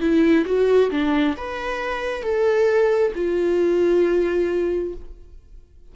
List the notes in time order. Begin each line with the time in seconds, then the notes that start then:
0.00 E4
0.45 F#4
0.90 D4
1.37 B4
2.22 A4
3.15 F4